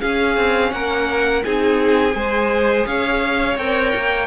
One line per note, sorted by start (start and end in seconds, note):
0.00 1.43 C#4
0.00 0.37 C#4
0.00 0.71 G#4
0.00 0.72 F5
0.37 0.72 C4
0.72 1.44 A#3
0.72 1.45 A#4
0.72 1.44 F#5
1.44 2.15 C4
1.44 2.11 D#4
1.44 2.16 G#4
1.44 2.86 G#5
2.11 2.86 G#3
2.11 3.54 G#4
2.11 2.86 C5
2.86 3.58 C#4
2.86 4.28 C#5
2.86 3.58 F5
3.58 3.93 C4
3.58 4.28 A#4
3.58 4.28 G5
3.96 4.28 A#3